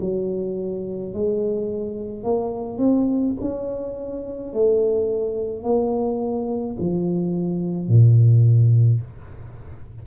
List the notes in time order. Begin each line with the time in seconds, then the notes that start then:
0.00 F#3
1.13 G#3
2.23 A#3
2.78 C4
3.40 C#4
4.53 A3
5.63 A#3
6.79 F3
7.87 A#2